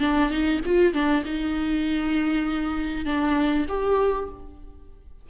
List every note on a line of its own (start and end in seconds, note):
0.00 0.30 D4
0.30 0.61 D#4
0.66 0.94 F4
0.94 1.24 D4
1.25 3.06 D#4
3.06 3.66 D4
3.69 4.29 G4